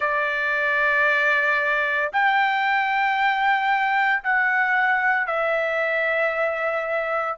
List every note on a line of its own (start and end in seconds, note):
0.00 2.11 D5
2.12 4.23 G5
4.23 5.26 F#5
5.26 7.37 E5